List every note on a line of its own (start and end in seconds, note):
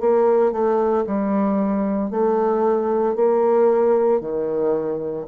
0.00 0.52 A#3
0.52 1.05 A3
1.06 2.11 G3
2.11 3.15 A3
3.15 4.21 A#3
4.21 5.26 D#3